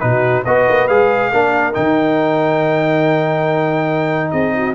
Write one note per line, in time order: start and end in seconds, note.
0.00 0.46 B2
0.00 0.44 D#4
0.00 0.45 F#4
0.00 0.43 B4
0.45 0.68 B3
0.45 0.89 F#4
0.45 1.31 B4
0.45 0.88 D#5
0.68 0.89 A#3
0.88 1.32 G#3
0.88 1.32 G#4
0.88 1.74 F5
1.32 1.75 A#3
1.32 1.73 D4
1.32 4.32 A#4
1.73 4.33 D#3
1.73 4.75 D#4
1.73 4.31 G5
4.31 4.75 C4
4.31 4.53 G#4
4.31 4.74 D#5
4.56 4.75 F#4